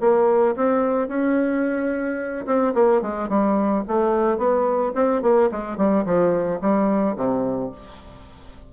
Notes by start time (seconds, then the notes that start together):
0.00 A#3
0.56 C4
1.08 C#4
2.46 C4
2.74 A#3
3.01 G#3
3.29 G3
3.87 A3
4.37 B3
4.95 C4
5.22 A#3
5.51 G#3
5.77 G3
6.05 F3
6.61 G3
7.16 C3